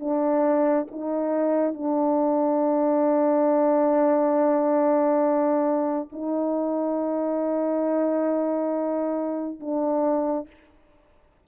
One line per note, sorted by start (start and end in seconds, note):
0.00 0.87 D4
0.91 1.74 D#4
1.74 6.09 D4
6.12 9.60 D#4
9.60 10.47 D4